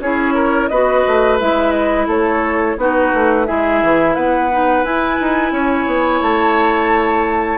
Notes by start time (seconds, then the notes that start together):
0.00 C#4 E4 G#4 C#5
0.35 A#4
0.69 B3 F#4 B4 D#5
1.07 A3
1.40 G#3 E4 E5
1.72 D#5
2.07 A3 A4 C#5
2.77 B3 D#4 F#4 B4
3.14 A3
3.47 G#3 E4 G#4 E5
3.83 E3
4.15 B3 B4 F#5
4.51 D#4
4.84 E4 G#5
5.21 D#4
5.52 C#4 C#5
5.87 B3
6.22 A3 A5